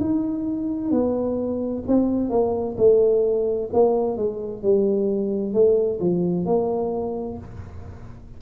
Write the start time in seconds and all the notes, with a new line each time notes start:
0.00 D#4
0.91 B3
1.87 C4
2.29 A#3
2.77 A3
3.73 A#3
4.17 G#3
4.62 G3
5.53 A3
6.00 F3
6.45 A#3